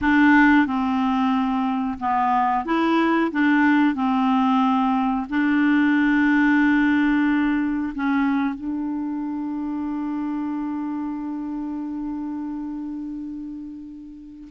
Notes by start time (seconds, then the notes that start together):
0.01 D4
0.66 C4
1.99 B3
2.65 E4
3.31 D4
3.94 C4
5.29 D4
7.95 C#4
8.54 D4